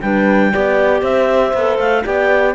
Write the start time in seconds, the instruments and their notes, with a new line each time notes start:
0.00 cello G3, clarinet D4 G5, horn B4
0.51 cello B3, clarinet G4, horn D5
1.02 cello C4, horn C5, clarinet E5
1.53 cello B3, clarinet A4
1.78 cello A3, clarinet F5
2.03 cello B3, clarinet G4 G5, horn D5